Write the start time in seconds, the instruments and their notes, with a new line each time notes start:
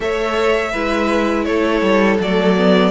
0.00 cello A3, viola A4, violin C#5 E5
0.72 cello G#3, viola E4, violin B4
1.44 cello A3, violin A4 C#5
1.81 cello G3
2.20 cello F#3, viola A3, violin D5
2.56 viola B3